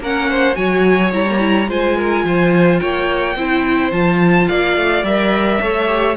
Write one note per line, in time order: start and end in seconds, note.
0.00 0.56 A#3
0.00 0.54 C#4
0.00 0.30 A#4
0.00 0.55 F#5
0.30 0.58 C5
0.54 1.13 F#3
0.54 1.10 F#4
0.54 1.69 C#5
0.54 1.11 G#5
1.13 1.68 G3
1.13 1.27 E4
1.13 1.69 A#5
1.31 1.39 A#3
1.39 1.67 E4
1.68 2.24 G#3
1.68 3.36 F4
1.68 1.97 C5
1.68 2.79 G#5
1.97 2.25 A#4
2.24 2.80 F3
2.24 2.80 C5
2.79 3.35 A#3
2.79 3.36 C#5
2.79 3.92 G5
3.35 3.91 C4
3.35 3.92 E4
3.35 4.49 C5
3.92 4.48 F3
3.92 5.04 F4
3.92 4.48 A5
4.48 4.77 A#3
4.48 5.61 D5
4.48 5.04 F5
4.77 5.03 A3
5.03 5.59 G3
5.03 5.62 A#4
5.03 6.17 E5
5.61 6.17 A3
5.61 5.87 A4
5.61 6.17 C#5
5.87 6.15 G4